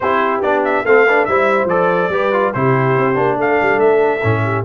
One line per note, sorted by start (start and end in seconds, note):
0.00 0.41 C4
0.00 0.43 E4
0.00 0.85 G4
0.00 0.41 C5
0.41 0.83 B3
0.41 0.85 D4
0.41 0.63 D5
0.64 0.85 E5
0.85 1.27 A3
0.85 1.07 C4
0.85 1.05 A4
0.85 1.25 F5
1.05 1.29 D4
1.05 1.26 B4
1.25 1.65 G3
1.25 1.68 E4
1.25 2.11 C5
1.25 1.67 E5
1.65 2.07 F3
1.65 2.11 A4
1.65 2.53 D5
2.09 2.51 G3
2.09 2.32 G4
2.09 2.53 B4
2.32 2.53 F4
2.53 2.97 C3
2.53 3.14 E4
2.53 3.37 G4
2.53 3.37 C5
2.97 3.17 C4
3.14 3.37 A#3
3.14 4.20 D4
3.37 3.58 A3
3.37 4.44 A4
3.37 3.79 F5
3.61 3.77 G3
3.77 4.20 A3
3.77 4.64 E5
4.23 4.65 A2
4.23 4.65 C#4
4.44 4.65 G4